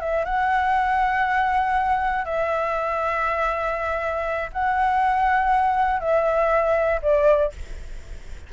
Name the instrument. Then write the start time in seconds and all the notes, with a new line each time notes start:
flute
0.00 E5
0.25 F#5
2.25 E5
4.52 F#5
6.00 E5
7.02 D5